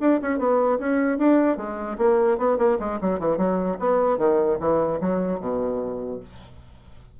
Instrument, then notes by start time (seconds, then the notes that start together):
bassoon
0.00 D4
0.21 C#4
0.38 B3
0.79 C#4
1.18 D4
1.57 G#3
1.97 A#3
2.38 B3
2.58 A#3
2.79 G#3
3.01 F#3
3.19 E3
3.37 F#3
3.79 B3
4.18 D#3
4.59 E3
5.00 F#3
5.39 B2